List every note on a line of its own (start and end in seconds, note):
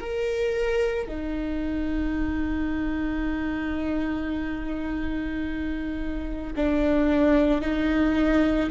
0.00 1.08 A#4
1.08 6.54 D#4
6.56 7.61 D4
7.61 8.70 D#4